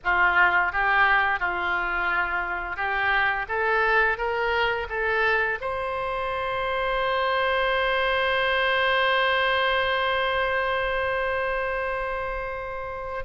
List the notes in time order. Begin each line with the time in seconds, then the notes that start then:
0.04 F4
0.72 G4
1.39 F4
2.76 G4
3.48 A4
4.17 A#4
4.89 A4
5.60 C5